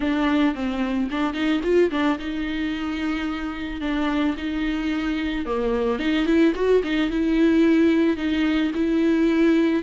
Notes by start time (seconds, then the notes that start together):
0.00 D4
0.55 C4
1.11 D4
1.33 D#4
1.63 F4
1.91 D4
2.18 D#4
3.81 D4
4.37 D#4
5.45 A#3
5.99 D#4
6.26 E4
6.55 F#4
6.83 D#4
7.10 E4
8.17 D#4
8.74 E4